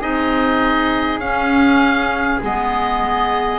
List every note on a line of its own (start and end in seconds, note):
0.00 1.19 C4
0.00 1.21 D#4
0.00 3.59 G#4
0.00 1.20 D#5
1.19 2.39 C#4
1.19 2.42 C#4
1.19 2.40 F5
2.43 3.59 G#3
2.43 3.59 B3
2.43 3.59 D#5